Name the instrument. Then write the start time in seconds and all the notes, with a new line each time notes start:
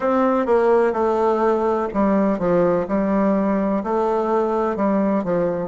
bassoon
0.00 C4
0.45 A#3
0.93 A3
1.93 G3
2.38 F3
2.87 G3
3.84 A3
4.76 G3
5.24 F3